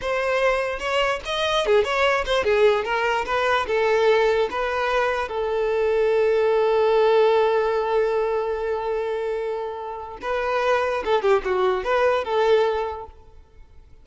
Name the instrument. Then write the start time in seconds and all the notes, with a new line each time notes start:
violin
0.01 C5
0.79 C#5
1.25 D#5
1.65 G#4
1.83 C#5
2.25 C5
2.44 G#4
2.84 A#4
3.25 B4
3.67 A4
4.50 B4
5.28 A4
10.21 B4
11.04 A4
11.22 G4
11.44 F#4
11.83 B4
12.24 A4